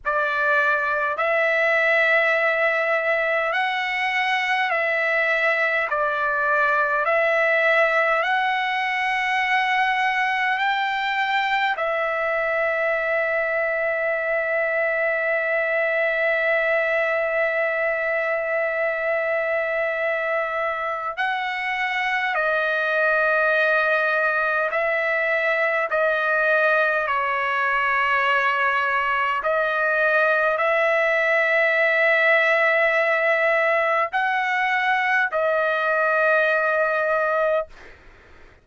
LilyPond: \new Staff \with { instrumentName = "trumpet" } { \time 4/4 \tempo 4 = 51 d''4 e''2 fis''4 | e''4 d''4 e''4 fis''4~ | fis''4 g''4 e''2~ | e''1~ |
e''2 fis''4 dis''4~ | dis''4 e''4 dis''4 cis''4~ | cis''4 dis''4 e''2~ | e''4 fis''4 dis''2 | }